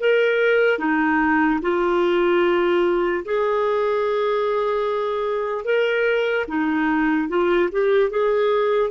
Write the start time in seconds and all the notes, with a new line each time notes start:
0.00 A#4
0.79 D#4
1.62 F4
3.25 G#4
5.65 A#4
6.48 D#4
7.29 F4
7.72 G4
8.10 G#4